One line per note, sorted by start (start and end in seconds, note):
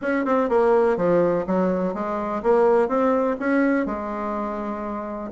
0.01 0.25 C#4
0.25 0.49 C4
0.49 0.97 A#3
0.97 1.45 F3
1.46 1.94 F#3
1.94 2.42 G#3
2.42 2.88 A#3
2.88 3.36 C4
3.39 3.86 C#4
3.86 5.31 G#3